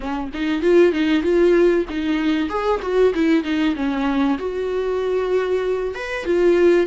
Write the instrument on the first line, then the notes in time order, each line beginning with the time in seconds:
viola
0.00 C#4
0.33 D#4
0.62 F4
0.92 D#4
1.22 F4
1.89 D#4
2.49 G#4
2.82 F#4
3.14 E4
3.43 D#4
3.75 C#4
4.38 F#4
5.94 B4
6.25 F4